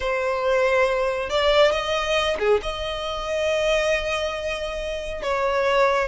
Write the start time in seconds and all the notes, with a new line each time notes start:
0.00 C5
1.29 D5
1.72 D#5
2.39 G#4
2.62 D#5
5.22 C#5